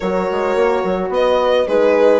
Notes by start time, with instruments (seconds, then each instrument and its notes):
0.00 bassoon F#3, horn F#4 A#4, violin C#5
0.31 bassoon G#3
0.55 bassoon A#3
0.84 bassoon F#3
1.09 bassoon B3, horn B4, violin D#5
1.67 bassoon G#3, horn D#4 G#4, violin B4